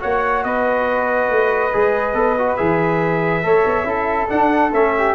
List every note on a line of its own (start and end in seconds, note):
0.00 0.45 A#3
0.00 1.71 F#4
0.00 0.45 C#5
0.00 0.44 F#5
0.44 1.30 B3
0.44 3.46 B4
0.44 2.57 D#5
1.30 1.73 A3
1.73 2.14 G#3
1.73 2.14 G#4
2.14 2.57 B3
2.14 2.36 A4
2.39 2.58 F#4
2.57 3.44 E3
2.57 3.43 G#4
2.57 4.28 E5
3.43 3.66 A3
3.43 3.85 A4
3.43 3.88 C#5
3.66 3.84 B3
3.84 4.27 C#4
3.84 4.28 E4
3.84 4.95 A4
4.29 4.72 D4
4.29 4.73 D4
4.29 4.72 F#5
4.73 5.15 A3
4.73 5.15 C#4
4.73 5.15 E5
4.98 5.15 G4